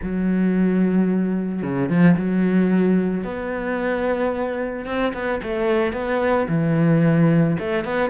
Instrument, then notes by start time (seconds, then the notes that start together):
cello
0.02 F#3
1.62 C#3
1.89 F3
2.16 F#3
3.23 B3
4.85 C4
5.13 B3
5.43 A3
5.93 B3
6.48 E3
7.59 A3
7.84 B3